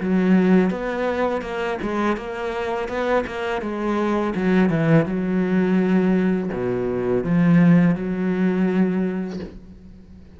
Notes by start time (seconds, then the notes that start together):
0.00 F#3
0.70 B3
1.42 A#3
1.82 G#3
2.17 A#3
2.88 B3
3.26 A#3
3.61 G#3
4.35 F#3
4.70 E3
5.05 F#3
6.52 B2
7.24 F3
7.95 F#3